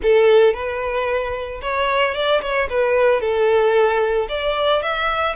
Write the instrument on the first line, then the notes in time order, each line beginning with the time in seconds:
violin
0.02 A4
0.53 B4
1.61 C#5
2.14 D5
2.41 C#5
2.69 B4
3.20 A4
4.29 D5
4.82 E5